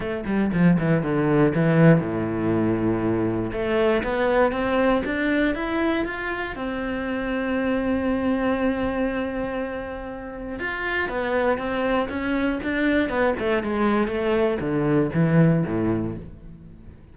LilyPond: \new Staff \with { instrumentName = "cello" } { \time 4/4 \tempo 4 = 119 a8 g8 f8 e8 d4 e4 | a,2. a4 | b4 c'4 d'4 e'4 | f'4 c'2.~ |
c'1~ | c'4 f'4 b4 c'4 | cis'4 d'4 b8 a8 gis4 | a4 d4 e4 a,4 | }